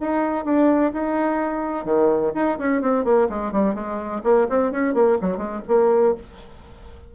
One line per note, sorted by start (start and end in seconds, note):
0.00 0.45 D#4
0.45 0.92 D4
0.92 1.84 D#4
1.84 2.32 D#3
2.34 2.58 D#4
2.58 2.81 C#4
2.81 3.04 C4
3.04 3.28 A#3
3.29 3.52 G#3
3.52 3.74 G3
3.74 4.22 G#3
4.23 4.47 A#3
4.49 4.71 C4
4.71 4.94 C#4
4.94 5.18 A#3
5.21 5.37 F#3
5.37 5.60 G#3
5.67 6.15 A#3